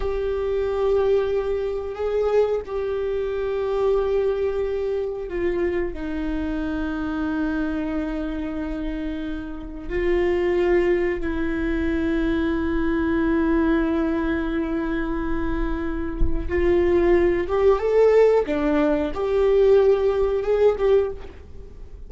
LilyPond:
\new Staff \with { instrumentName = "viola" } { \time 4/4 \tempo 4 = 91 g'2. gis'4 | g'1 | f'4 dis'2.~ | dis'2. f'4~ |
f'4 e'2.~ | e'1~ | e'4 f'4. g'8 a'4 | d'4 g'2 gis'8 g'8 | }